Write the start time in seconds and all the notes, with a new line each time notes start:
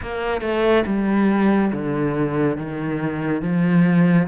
0.02 A#3
0.41 A3
0.86 G3
1.72 D3
2.57 D#3
3.41 F3